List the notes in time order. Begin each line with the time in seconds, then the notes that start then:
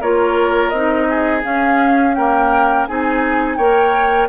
0.00 A#3 F4 A#4 C#5
0.69 C4 D#4 D#5
1.09 G#4
1.42 C#4 F5
2.14 A#3 A#4 G5
2.87 C4 D#4 G#4 G#5
3.56 A#3 A#4 C#5 G5